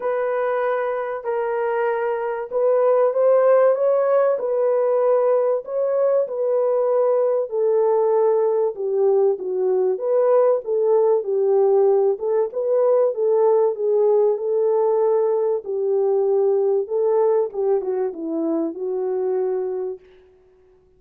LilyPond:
\new Staff \with { instrumentName = "horn" } { \time 4/4 \tempo 4 = 96 b'2 ais'2 | b'4 c''4 cis''4 b'4~ | b'4 cis''4 b'2 | a'2 g'4 fis'4 |
b'4 a'4 g'4. a'8 | b'4 a'4 gis'4 a'4~ | a'4 g'2 a'4 | g'8 fis'8 e'4 fis'2 | }